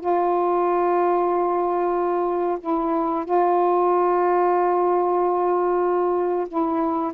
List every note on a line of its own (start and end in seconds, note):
0.00 2.58 F4
2.60 3.25 E4
3.25 6.48 F4
6.48 7.12 E4